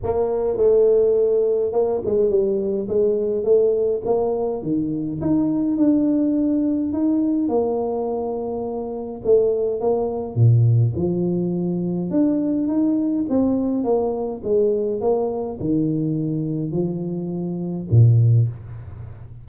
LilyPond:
\new Staff \with { instrumentName = "tuba" } { \time 4/4 \tempo 4 = 104 ais4 a2 ais8 gis8 | g4 gis4 a4 ais4 | dis4 dis'4 d'2 | dis'4 ais2. |
a4 ais4 ais,4 f4~ | f4 d'4 dis'4 c'4 | ais4 gis4 ais4 dis4~ | dis4 f2 ais,4 | }